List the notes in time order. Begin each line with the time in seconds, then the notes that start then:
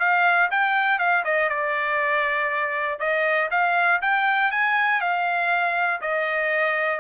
0.00 F5
0.51 G5
0.99 F5
1.25 D#5
1.49 D5
3.00 D#5
3.51 F5
4.02 G5
4.51 G#5
5.01 F5
6.01 D#5